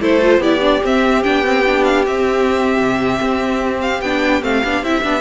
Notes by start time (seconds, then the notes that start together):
0.00 A3 E4 A4 C5
0.21 F4
0.38 B3 E4 G4 D5
0.60 D4
0.83 C4 E5
1.23 B3 D4 G5
1.44 C4
1.65 D4
1.84 F5
2.06 C4 E5
2.79 C3
3.22 C4
3.81 F5
4.01 B3 D4 G5
4.42 A3 C4 F5
4.64 B3 D4
4.82 C4 E4 E5
5.03 B3 D4